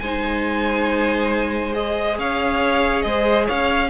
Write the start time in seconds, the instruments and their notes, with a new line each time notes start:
0.00 cello G#3, viola D#4, violin C5 G#5
1.73 viola G#4, violin D#5
2.19 cello C#4, violin C#5 F5
3.02 cello G#3, violin C5 D#5
3.46 cello C#4, violin C#5 F5